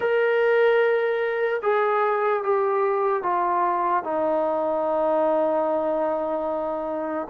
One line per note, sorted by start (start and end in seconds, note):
0.00 1.61 A#4
1.62 2.43 G#4
2.43 3.22 G4
3.22 4.03 F4
4.03 7.28 D#4